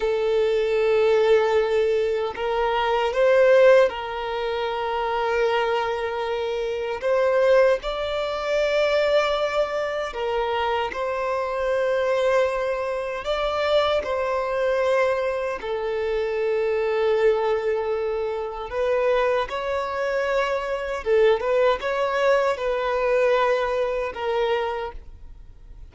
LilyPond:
\new Staff \with { instrumentName = "violin" } { \time 4/4 \tempo 4 = 77 a'2. ais'4 | c''4 ais'2.~ | ais'4 c''4 d''2~ | d''4 ais'4 c''2~ |
c''4 d''4 c''2 | a'1 | b'4 cis''2 a'8 b'8 | cis''4 b'2 ais'4 | }